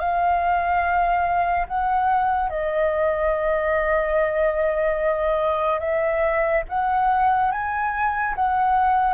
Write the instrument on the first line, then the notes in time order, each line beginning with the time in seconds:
flute
0.00 F5
1.68 F#5
2.50 D#5
5.80 E5
6.69 F#5
7.52 G#5
8.36 F#5